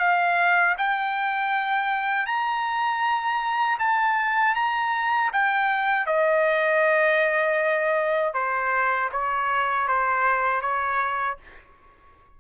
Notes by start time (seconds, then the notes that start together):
0.00 F5
0.78 G5
2.27 A#5
3.80 A5
4.56 A#5
5.33 G5
6.07 D#5
8.34 C5
9.12 C#5
9.88 C5
10.62 C#5